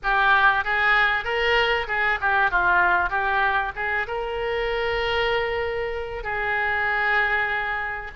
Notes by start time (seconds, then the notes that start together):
0.03 G4
0.64 G#4
1.24 A#4
1.88 G#4
2.20 G4
2.50 F4
3.09 G4
3.75 G#4
4.07 A#4
6.23 G#4